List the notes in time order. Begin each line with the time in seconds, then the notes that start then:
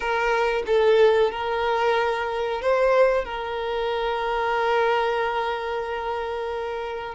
0.00 A#4
0.66 A4
1.31 A#4
2.61 C5
3.25 A#4